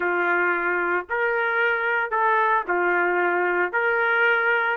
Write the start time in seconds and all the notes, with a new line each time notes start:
0.00 F4
1.09 A#4
2.10 A4
2.68 F4
3.72 A#4